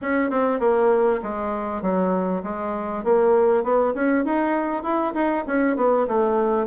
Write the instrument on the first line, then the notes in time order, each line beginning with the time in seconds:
bassoon
0.01 C#4
0.30 C4
0.59 A#3
1.22 G#3
1.82 F#3
2.43 G#3
3.03 A#3
3.63 B3
3.94 C#4
4.24 D#4
4.83 E4
5.13 D#4
5.46 C#4
5.76 B3
6.07 A3